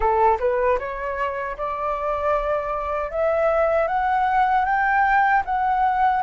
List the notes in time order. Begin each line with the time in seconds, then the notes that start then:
0.00 A4
0.39 B4
0.79 C#5
1.57 D5
3.11 E5
3.87 F#5
4.65 G5
5.45 F#5